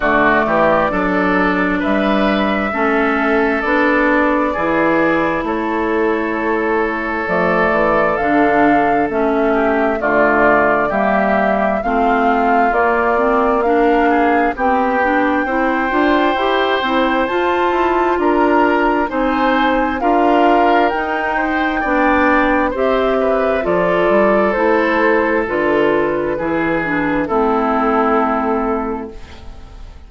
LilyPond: <<
  \new Staff \with { instrumentName = "flute" } { \time 4/4 \tempo 4 = 66 d''2 e''2 | d''2 cis''2 | d''4 f''4 e''4 d''4 | e''4 f''4 d''4 f''4 |
g''2. a''4 | ais''4 gis''4 f''4 g''4~ | g''4 e''4 d''4 c''4 | b'2 a'2 | }
  \new Staff \with { instrumentName = "oboe" } { \time 4/4 fis'8 g'8 a'4 b'4 a'4~ | a'4 gis'4 a'2~ | a'2~ a'8 g'8 f'4 | g'4 f'2 ais'8 gis'8 |
g'4 c''2. | ais'4 c''4 ais'4. c''8 | d''4 c''8 b'8 a'2~ | a'4 gis'4 e'2 | }
  \new Staff \with { instrumentName = "clarinet" } { \time 4/4 a4 d'2 cis'4 | d'4 e'2. | a4 d'4 cis'4 a4 | ais4 c'4 ais8 c'8 d'4 |
c'8 d'8 e'8 f'8 g'8 e'8 f'4~ | f'4 dis'4 f'4 dis'4 | d'4 g'4 f'4 e'4 | f'4 e'8 d'8 c'2 | }
  \new Staff \with { instrumentName = "bassoon" } { \time 4/4 d8 e8 fis4 g4 a4 | b4 e4 a2 | f8 e8 d4 a4 d4 | g4 a4 ais2 |
b4 c'8 d'8 e'8 c'8 f'8 e'8 | d'4 c'4 d'4 dis'4 | b4 c'4 f8 g8 a4 | d4 e4 a2 | }
>>